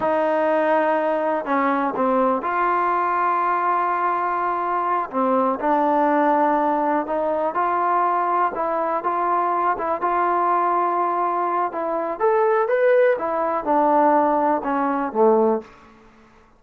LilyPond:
\new Staff \with { instrumentName = "trombone" } { \time 4/4 \tempo 4 = 123 dis'2. cis'4 | c'4 f'2.~ | f'2~ f'8 c'4 d'8~ | d'2~ d'8 dis'4 f'8~ |
f'4. e'4 f'4. | e'8 f'2.~ f'8 | e'4 a'4 b'4 e'4 | d'2 cis'4 a4 | }